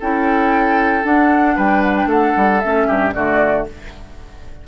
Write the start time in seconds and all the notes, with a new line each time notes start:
0.00 C#4 E4 A4 G5
1.04 D4 F#5
1.56 G3 B4 G5
1.83 F#5
1.96 G5
2.06 A3 A4 F#5
2.37 G3
2.60 A3 C#4 E5
2.88 G2 G4
3.14 D3 A3 F#4 D5